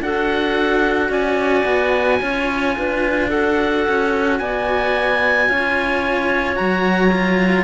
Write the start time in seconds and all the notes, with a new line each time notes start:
0.00 D4 F#4 A4 F#5
1.09 C#4 D5 G#5
1.65 B3
2.22 C#4 F4 C#5
2.78 D4 B4
3.29 F#4 A4 F#5
3.88 C#4
4.38 B3 D5 G#5
5.49 C#4 F4 C#5
6.56 F#3 F#4 A#5
7.12 F4